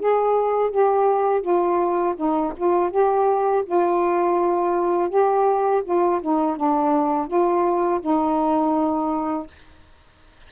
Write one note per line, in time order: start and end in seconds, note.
0.00 0.71 G#4
0.71 1.42 G4
1.42 2.15 F4
2.17 2.53 D#4
2.57 2.91 F4
2.91 3.64 G4
3.66 5.10 F4
5.10 5.83 G4
5.85 6.21 F4
6.22 6.57 D#4
6.57 7.28 D4
7.28 8.01 F4
8.01 9.48 D#4